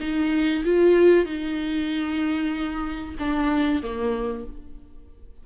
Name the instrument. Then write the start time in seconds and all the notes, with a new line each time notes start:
viola
0.00 D#4
0.64 F4
1.25 D#4
3.19 D4
3.82 A#3